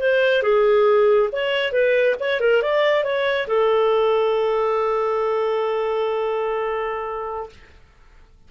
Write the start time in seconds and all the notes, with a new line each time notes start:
0.00 C5
0.43 G#4
1.32 C#5
1.72 B4
2.20 C#5
2.40 A#4
2.62 D5
3.04 C#5
3.47 A4